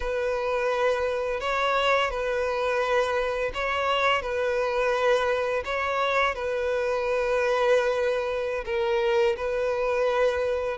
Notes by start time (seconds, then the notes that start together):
0.00 B4
1.40 C#5
2.10 B4
3.54 C#5
4.22 B4
5.65 C#5
6.35 B4
8.65 A#4
9.36 B4